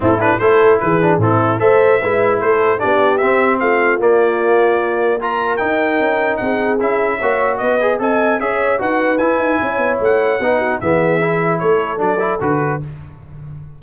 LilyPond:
<<
  \new Staff \with { instrumentName = "trumpet" } { \time 4/4 \tempo 4 = 150 a'8 b'8 c''4 b'4 a'4 | e''2 c''4 d''4 | e''4 f''4 d''2~ | d''4 ais''4 g''2 |
fis''4 e''2 dis''4 | gis''4 e''4 fis''4 gis''4~ | gis''4 fis''2 e''4~ | e''4 cis''4 d''4 b'4 | }
  \new Staff \with { instrumentName = "horn" } { \time 4/4 e'4 a'4 gis'4 e'4 | c''4 b'4 a'4 g'4~ | g'4 f'2.~ | f'4 ais'2. |
gis'2 cis''4 b'4 | dis''4 cis''4 b'2 | cis''2 b'8 fis'8 gis'4~ | gis'4 a'2. | }
  \new Staff \with { instrumentName = "trombone" } { \time 4/4 c'8 d'8 e'4. d'8 c'4 | a'4 e'2 d'4 | c'2 ais2~ | ais4 f'4 dis'2~ |
dis'4 e'4 fis'4. gis'8 | a'4 gis'4 fis'4 e'4~ | e'2 dis'4 b4 | e'2 d'8 e'8 fis'4 | }
  \new Staff \with { instrumentName = "tuba" } { \time 4/4 a,4 a4 e4 a,4 | a4 gis4 a4 b4 | c'4 a4 ais2~ | ais2 dis'4 cis'4 |
c'4 cis'4 ais4 b4 | c'4 cis'4 dis'4 e'8 dis'8 | cis'8 b8 a4 b4 e4~ | e4 a4 fis4 d4 | }
>>